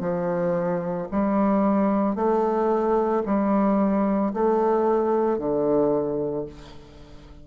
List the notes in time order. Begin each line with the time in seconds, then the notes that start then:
0.00 F3
1.12 G3
2.15 A3
3.26 G3
4.33 A3
5.38 D3